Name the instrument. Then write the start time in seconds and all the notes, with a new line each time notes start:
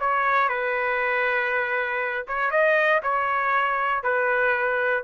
trumpet
0.00 C#5
0.49 B4
2.27 C#5
2.51 D#5
3.03 C#5
4.03 B4